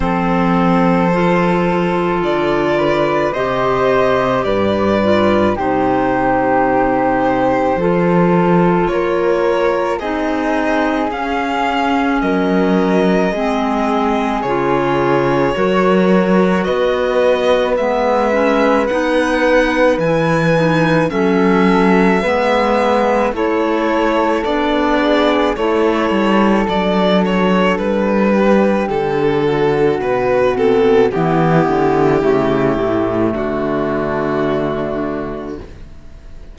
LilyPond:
<<
  \new Staff \with { instrumentName = "violin" } { \time 4/4 \tempo 4 = 54 c''2 d''4 dis''4 | d''4 c''2. | cis''4 dis''4 f''4 dis''4~ | dis''4 cis''2 dis''4 |
e''4 fis''4 gis''4 e''4~ | e''4 cis''4 d''4 cis''4 | d''8 cis''8 b'4 a'4 b'8 a'8 | g'2 fis'2 | }
  \new Staff \with { instrumentName = "flute" } { \time 4/4 a'2~ a'8 b'8 c''4 | b'4 g'2 a'4 | ais'4 gis'2 ais'4 | gis'2 ais'4 b'4~ |
b'2. a'4 | b'4 a'4. gis'8 a'4~ | a'4. g'4 fis'4. | e'2 d'2 | }
  \new Staff \with { instrumentName = "clarinet" } { \time 4/4 c'4 f'2 g'4~ | g'8 f'8 dis'2 f'4~ | f'4 dis'4 cis'2 | c'4 f'4 fis'2 |
b8 cis'8 dis'4 e'8 dis'8 cis'4 | b4 e'4 d'4 e'4 | d'2.~ d'8 c'8 | b4 a2. | }
  \new Staff \with { instrumentName = "cello" } { \time 4/4 f2 d4 c4 | g,4 c2 f4 | ais4 c'4 cis'4 fis4 | gis4 cis4 fis4 b4 |
gis4 b4 e4 fis4 | gis4 a4 b4 a8 g8 | fis4 g4 d4 b,4 | e8 d8 cis8 a,8 d2 | }
>>